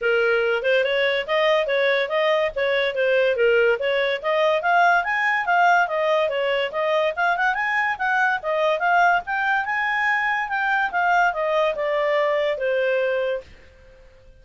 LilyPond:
\new Staff \with { instrumentName = "clarinet" } { \time 4/4 \tempo 4 = 143 ais'4. c''8 cis''4 dis''4 | cis''4 dis''4 cis''4 c''4 | ais'4 cis''4 dis''4 f''4 | gis''4 f''4 dis''4 cis''4 |
dis''4 f''8 fis''8 gis''4 fis''4 | dis''4 f''4 g''4 gis''4~ | gis''4 g''4 f''4 dis''4 | d''2 c''2 | }